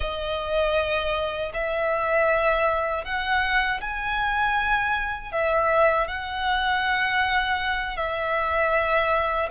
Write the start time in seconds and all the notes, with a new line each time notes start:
0.00 D#5
1.53 E5
3.04 F#5
3.80 G#5
5.32 E5
6.07 F#5
7.96 E5